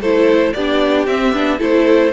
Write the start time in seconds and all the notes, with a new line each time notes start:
0.00 A3 E4 A4 C5
0.53 B3 D4 G4 D5
1.06 C4 E5
1.33 B3 D4
1.58 A3 E4 A4 C5